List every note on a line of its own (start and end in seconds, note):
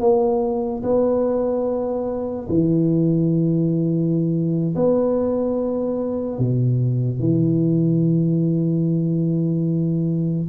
0.00 0.82 A#3
0.83 2.47 B3
2.49 4.75 E3
4.76 6.38 B3
6.38 7.20 B2
7.20 10.49 E3